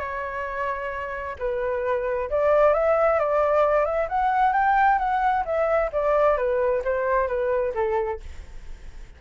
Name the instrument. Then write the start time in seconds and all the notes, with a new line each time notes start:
flute
0.00 C#5
1.39 B4
2.30 D5
2.74 E5
3.20 D5
3.86 E5
4.09 F#5
4.54 G5
4.99 F#5
5.45 E5
5.93 D5
6.38 B4
6.85 C5
7.28 B4
7.75 A4